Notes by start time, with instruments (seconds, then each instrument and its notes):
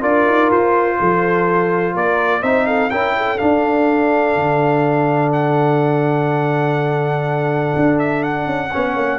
0.00 tuba D4, trombone F4, horn A#4, trumpet D5
0.26 tuba D#4
0.51 tuba F4, trumpet C5
0.99 tuba F3, horn A4
1.94 tuba A#3, horn A#4, trumpet D5
2.41 tuba C4, trombone D#4, horn C5, trumpet E5
2.66 horn A4, trumpet F5
2.90 tuba C#4, trombone E4, horn A#4, trumpet G5
3.16 horn A4
3.37 trombone D4, tuba D4, trumpet F5
4.35 tuba D3
5.32 trumpet F#5
7.75 tuba D4
7.98 trumpet E5
8.23 trumpet F#5
8.46 tuba C#4
8.72 tuba B3, trombone C#4, horn C#5
8.95 tuba A#3